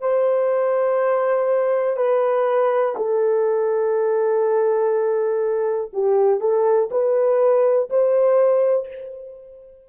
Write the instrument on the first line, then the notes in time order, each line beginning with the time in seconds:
horn
0.00 C5
1.97 B4
2.96 A4
5.93 G4
6.40 A4
6.91 B4
7.90 C5